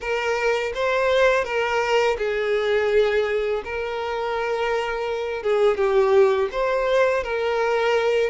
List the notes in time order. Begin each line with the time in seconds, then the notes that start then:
0.00 A#4
0.74 C5
1.44 A#4
2.18 G#4
3.64 A#4
5.42 G#4
5.77 G4
6.51 C5
7.23 A#4